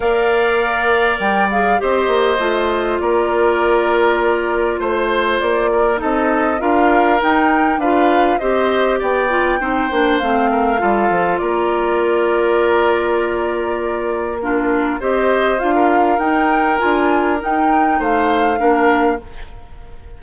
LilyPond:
<<
  \new Staff \with { instrumentName = "flute" } { \time 4/4 \tempo 4 = 100 f''2 g''8 f''8 dis''4~ | dis''4 d''2. | c''4 d''4 dis''4 f''4 | g''4 f''4 dis''4 g''4~ |
g''4 f''2 d''4~ | d''1 | ais'4 dis''4 f''4 g''4 | gis''4 g''4 f''2 | }
  \new Staff \with { instrumentName = "oboe" } { \time 4/4 d''2. c''4~ | c''4 ais'2. | c''4. ais'8 a'4 ais'4~ | ais'4 b'4 c''4 d''4 |
c''4. ais'8 a'4 ais'4~ | ais'1 | f'4 c''4~ c''16 ais'4.~ ais'16~ | ais'2 c''4 ais'4 | }
  \new Staff \with { instrumentName = "clarinet" } { \time 4/4 ais'2~ ais'8 gis'8 g'4 | f'1~ | f'2 dis'4 f'4 | dis'4 f'4 g'4. f'8 |
dis'8 d'8 c'4 f'2~ | f'1 | d'4 g'4 f'4 dis'4 | f'4 dis'2 d'4 | }
  \new Staff \with { instrumentName = "bassoon" } { \time 4/4 ais2 g4 c'8 ais8 | a4 ais2. | a4 ais4 c'4 d'4 | dis'4 d'4 c'4 b4 |
c'8 ais8 a4 g8 f8 ais4~ | ais1~ | ais4 c'4 d'4 dis'4 | d'4 dis'4 a4 ais4 | }
>>